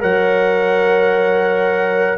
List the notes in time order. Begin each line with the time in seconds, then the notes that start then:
0.00 F#3 A#4 C#5 F#5